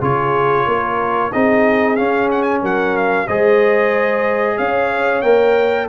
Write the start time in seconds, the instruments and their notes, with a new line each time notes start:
0.00 tuba C#3, trombone F4, horn G#4, trumpet C#5
0.67 tuba A#3, horn A#4
1.32 tuba C4, trombone D#4, horn G#4, trumpet D#5
1.96 trombone C#4, tuba C#4, trumpet F5
2.31 trumpet F#5
2.42 trumpet G#5
2.61 tuba F#3, horn A#4, trumpet F#5
2.97 trumpet F5
3.27 tuba G#3, trombone G#4, horn C5, trumpet D#5
4.57 tuba C#4, horn C#5, trumpet F5
5.22 tuba A#3, trombone A#4, trumpet G5